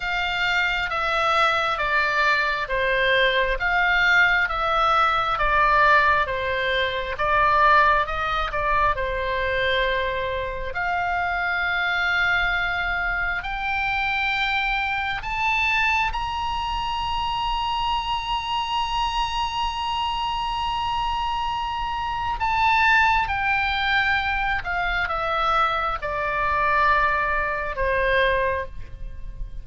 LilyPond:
\new Staff \with { instrumentName = "oboe" } { \time 4/4 \tempo 4 = 67 f''4 e''4 d''4 c''4 | f''4 e''4 d''4 c''4 | d''4 dis''8 d''8 c''2 | f''2. g''4~ |
g''4 a''4 ais''2~ | ais''1~ | ais''4 a''4 g''4. f''8 | e''4 d''2 c''4 | }